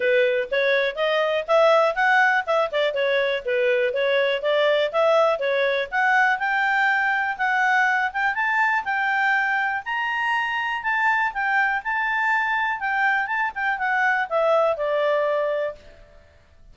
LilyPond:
\new Staff \with { instrumentName = "clarinet" } { \time 4/4 \tempo 4 = 122 b'4 cis''4 dis''4 e''4 | fis''4 e''8 d''8 cis''4 b'4 | cis''4 d''4 e''4 cis''4 | fis''4 g''2 fis''4~ |
fis''8 g''8 a''4 g''2 | ais''2 a''4 g''4 | a''2 g''4 a''8 g''8 | fis''4 e''4 d''2 | }